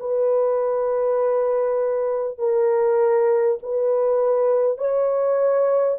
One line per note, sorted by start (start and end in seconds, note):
0.00 2.38 B4
2.38 3.58 A#4
3.63 4.78 B4
4.78 5.98 C#5